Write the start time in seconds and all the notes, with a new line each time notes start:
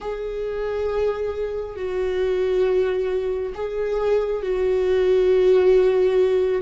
0.00 G#4
1.76 F#4
3.54 G#4
4.42 F#4